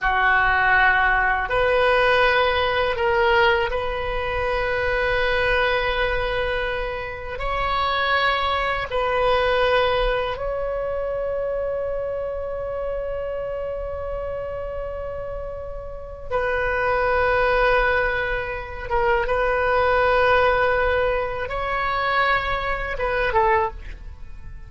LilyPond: \new Staff \with { instrumentName = "oboe" } { \time 4/4 \tempo 4 = 81 fis'2 b'2 | ais'4 b'2.~ | b'2 cis''2 | b'2 cis''2~ |
cis''1~ | cis''2 b'2~ | b'4. ais'8 b'2~ | b'4 cis''2 b'8 a'8 | }